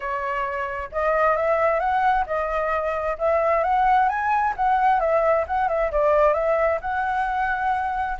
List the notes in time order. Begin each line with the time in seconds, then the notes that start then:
0.00 C#5
0.92 D#5
1.36 E5
1.79 F#5
2.26 D#5
3.18 E5
3.63 F#5
4.08 G#5
4.56 F#5
5.00 E5
5.47 F#5
5.68 E5
5.91 D5
6.33 E5
6.81 F#5